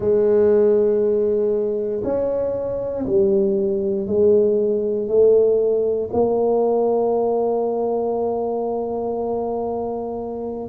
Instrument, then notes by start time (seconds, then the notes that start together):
tuba
0.00 G#3
2.03 C#4
3.06 G3
4.07 G#3
5.08 A3
6.12 A#3